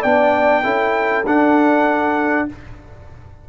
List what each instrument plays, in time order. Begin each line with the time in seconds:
0.00 tuba B3, trombone D4, horn D5, trumpet G5
0.62 tuba C#4, trombone E4, horn A4
1.25 tuba D4, trombone D4, trumpet F#5